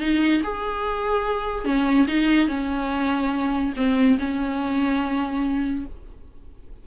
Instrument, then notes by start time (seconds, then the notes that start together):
viola
0.00 D#4
0.43 G#4
1.65 C#4
2.08 D#4
2.48 C#4
3.77 C4
4.19 C#4